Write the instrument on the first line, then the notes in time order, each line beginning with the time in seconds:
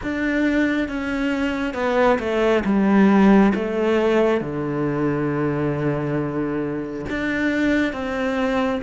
cello
0.02 D4
0.88 C#4
1.74 B3
2.19 A3
2.64 G3
3.54 A3
4.40 D3
7.09 D4
7.93 C4